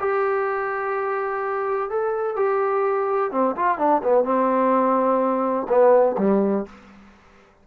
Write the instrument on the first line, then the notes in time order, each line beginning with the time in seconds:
trombone
0.00 G4
1.90 A4
2.36 G4
3.32 C4
3.56 F4
3.78 D4
4.03 B3
4.24 C4
5.69 B3
6.18 G3